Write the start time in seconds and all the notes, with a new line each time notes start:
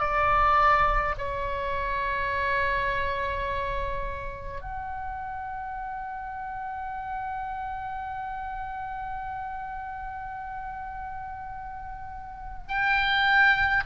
0.00 D5
1.18 C#5
4.62 F#5
12.68 G5